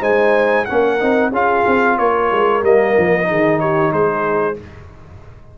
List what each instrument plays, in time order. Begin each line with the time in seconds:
0.00 tuba G#3, trombone D#4, horn C5, trumpet G#5
0.65 tuba A#3, trombone C#4, horn A#4, trumpet F#5
0.99 tuba C4, trombone D#4
1.30 tuba C#4, trombone F4, horn G#4, trumpet F5
1.67 tuba C4
1.98 tuba A#3, horn A#4, trumpet C#5
2.32 tuba G#3
2.62 tuba G3, trombone A#3, trumpet D#5
2.98 tuba F3
3.23 trombone D#4, horn G#4
3.30 tuba D#3
3.60 horn G4, trumpet C#5
3.92 tuba G#3, horn G#4, trumpet C5